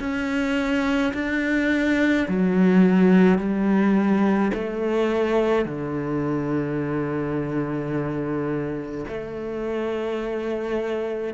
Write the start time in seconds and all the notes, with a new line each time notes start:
0.00 C#4
1.14 D4
2.28 F#3
3.39 G3
4.54 A3
5.66 D3
9.09 A3